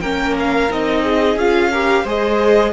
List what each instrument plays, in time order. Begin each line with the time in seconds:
0.00 cello A#3, viola C#4, violin A#4 G5
0.39 violin F5
0.69 cello C4, viola D#4, violin D#5
1.04 violin G#4
1.36 cello C#4, viola F4, violin F5
1.71 viola G4, violin A#4
2.03 cello G#3, viola G#4, violin C5 D#5